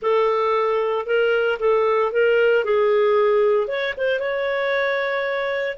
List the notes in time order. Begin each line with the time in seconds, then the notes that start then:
0.01 A4
1.06 A#4
1.59 A4
2.11 A#4
2.64 G#4
3.67 C#5
3.97 C5
4.19 C#5